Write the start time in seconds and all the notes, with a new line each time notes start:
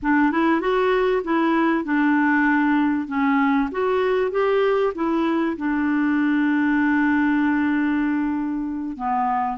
0.02 D4
0.31 E4
0.60 F#4
1.24 E4
1.84 D4
3.07 C#4
3.71 F#4
4.31 G4
4.95 E4
5.57 D4
8.96 B3